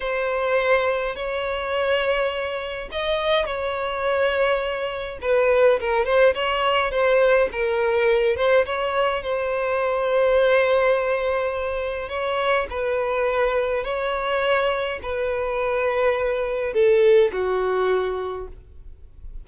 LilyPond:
\new Staff \with { instrumentName = "violin" } { \time 4/4 \tempo 4 = 104 c''2 cis''2~ | cis''4 dis''4 cis''2~ | cis''4 b'4 ais'8 c''8 cis''4 | c''4 ais'4. c''8 cis''4 |
c''1~ | c''4 cis''4 b'2 | cis''2 b'2~ | b'4 a'4 fis'2 | }